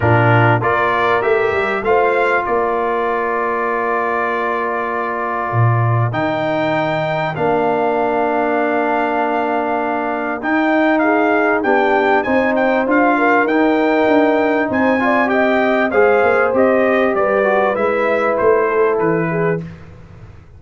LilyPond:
<<
  \new Staff \with { instrumentName = "trumpet" } { \time 4/4 \tempo 4 = 98 ais'4 d''4 e''4 f''4 | d''1~ | d''2 g''2 | f''1~ |
f''4 g''4 f''4 g''4 | gis''8 g''8 f''4 g''2 | gis''4 g''4 f''4 dis''4 | d''4 e''4 c''4 b'4 | }
  \new Staff \with { instrumentName = "horn" } { \time 4/4 f'4 ais'2 c''4 | ais'1~ | ais'1~ | ais'1~ |
ais'2 gis'4 g'4 | c''4. ais'2~ ais'8 | c''8 d''8 dis''4 c''2 | b'2~ b'8 a'4 gis'8 | }
  \new Staff \with { instrumentName = "trombone" } { \time 4/4 d'4 f'4 g'4 f'4~ | f'1~ | f'2 dis'2 | d'1~ |
d'4 dis'2 d'4 | dis'4 f'4 dis'2~ | dis'8 f'8 g'4 gis'4 g'4~ | g'8 fis'8 e'2. | }
  \new Staff \with { instrumentName = "tuba" } { \time 4/4 ais,4 ais4 a8 g8 a4 | ais1~ | ais4 ais,4 dis2 | ais1~ |
ais4 dis'2 b4 | c'4 d'4 dis'4 d'4 | c'2 gis8 ais8 c'4 | g4 gis4 a4 e4 | }
>>